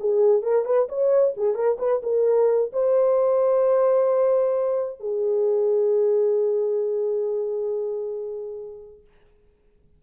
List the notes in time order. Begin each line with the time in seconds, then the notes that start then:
0.00 G#4
0.42 A#4
0.65 B4
0.89 C#5
1.37 G#4
1.55 A#4
1.79 B4
2.03 A#4
2.73 C5
5.00 G#4